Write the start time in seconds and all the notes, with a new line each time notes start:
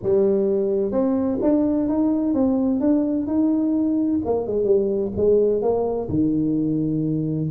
0.03 G3
0.91 C4
1.42 D4
1.88 D#4
2.34 C4
2.80 D4
3.26 D#4
4.25 A#3
4.47 G#3
4.64 G3
5.16 G#3
5.62 A#3
6.09 D#3